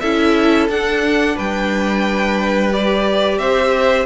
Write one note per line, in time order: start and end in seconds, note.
0.00 0.69 C#4
0.00 0.70 E4
0.00 1.36 A4
0.00 0.67 E5
0.69 1.37 D4
0.69 2.72 D4
0.69 1.38 F#5
1.36 3.39 G3
1.36 3.38 B4
1.36 2.73 G5
2.72 4.06 G4
2.72 3.39 D5
3.39 4.06 C4
3.39 4.06 C5
3.39 4.06 E5